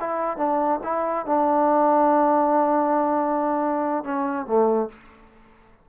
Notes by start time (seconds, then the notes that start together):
0.00 E4
0.37 D4
0.83 E4
1.26 D4
4.04 C#4
4.46 A3